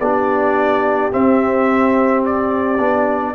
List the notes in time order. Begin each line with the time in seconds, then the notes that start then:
0.00 B3 D4 G4 D5
1.11 C4 E5
2.25 D5
2.79 B3 D4